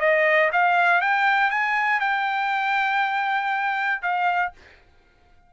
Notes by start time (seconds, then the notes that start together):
0.00 D#5
0.52 F5
1.01 G5
1.50 G#5
2.00 G5
4.02 F5